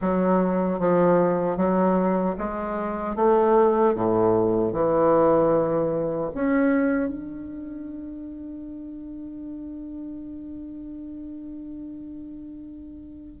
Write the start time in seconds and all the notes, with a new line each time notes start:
0.01 F#3
0.79 F3
1.56 F#3
2.38 G#3
3.15 A3
3.94 A2
4.72 E3
6.34 C#4
7.08 D4